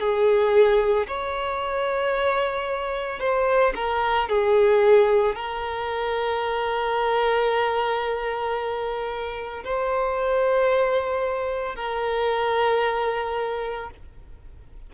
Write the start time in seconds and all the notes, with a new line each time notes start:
0.00 G#4
1.08 C#5
3.20 C5
3.75 A#4
4.29 G#4
5.36 A#4
9.65 C5
11.76 A#4